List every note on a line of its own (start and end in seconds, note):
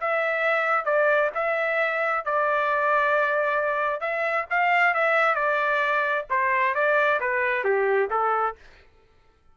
0.00 0.85 E5
0.85 1.30 D5
1.35 2.25 E5
2.25 4.00 D5
4.00 4.46 E5
4.50 4.94 F5
4.94 5.35 E5
5.35 6.25 D5
6.30 6.74 C5
6.74 7.20 D5
7.20 7.64 B4
7.64 8.09 G4
8.10 8.55 A4